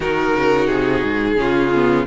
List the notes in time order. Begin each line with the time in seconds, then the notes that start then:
0.00 D#3 D#4 F#4 A#4
0.34 C#3
0.67 C3 G#4
1.03 G#2
1.36 C#3 C#4 F4
1.74 B3